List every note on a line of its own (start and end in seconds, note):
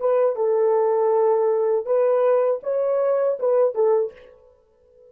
0.00 0.36 B4
0.36 1.86 A4
1.86 2.61 B4
2.63 3.38 C#5
3.40 3.75 B4
3.75 4.12 A4